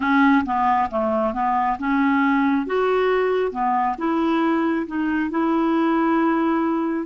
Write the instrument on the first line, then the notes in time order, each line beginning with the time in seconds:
clarinet
0.00 C#4
0.45 B3
0.90 A3
1.33 B3
1.78 C#4
2.66 F#4
3.51 B3
3.97 E4
4.86 D#4
5.30 E4